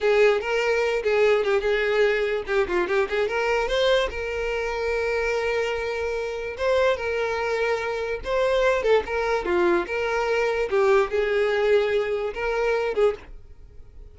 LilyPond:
\new Staff \with { instrumentName = "violin" } { \time 4/4 \tempo 4 = 146 gis'4 ais'4. gis'4 g'8 | gis'2 g'8 f'8 g'8 gis'8 | ais'4 c''4 ais'2~ | ais'1 |
c''4 ais'2. | c''4. a'8 ais'4 f'4 | ais'2 g'4 gis'4~ | gis'2 ais'4. gis'8 | }